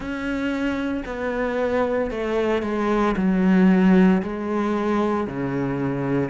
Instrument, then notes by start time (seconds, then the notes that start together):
cello
0.00 C#4
1.05 B3
2.11 A3
2.62 G#3
3.16 F#3
4.22 G#3
5.27 C#3